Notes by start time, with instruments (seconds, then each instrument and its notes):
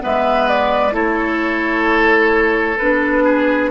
0.00 bassoon G#3, clarinet B3, oboe B4, flute E5
0.48 flute D5
0.91 bassoon A3, clarinet E4, oboe A4, flute C#5
2.77 bassoon B3, clarinet D4, flute B4
3.24 oboe G#4